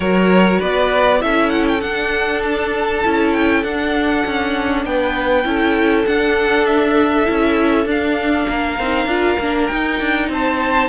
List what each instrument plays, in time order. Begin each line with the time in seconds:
0.00 cello F#3, viola F#4, violin A#4 C#5
0.59 cello B3, violin B4 D5
1.20 cello C#4, viola E4, violin A4 E5
1.49 violin F#5
1.68 violin G5
1.80 viola D4, cello D4, violin F#5
2.42 violin A5
3.04 cello C#4, viola E4
3.33 violin G5
3.63 cello D4, viola D4, violin F#5
4.25 cello C#4
4.85 cello B3, violin B4 G5
5.44 cello C#4, viola E4, violin A4
6.06 cello D4, viola D4, violin F#5
6.65 violin E5
7.24 cello C#4, viola E4
7.85 cello D4, viola D4, violin F5
8.48 cello A#3, violin A#4
8.79 cello C4, viola D#4
9.05 cello D4, viola F4
9.39 cello A#3, viola D4
9.67 cello D#4, viola D#4, violin G5
9.99 cello D4
10.29 cello C4, violin C5 A5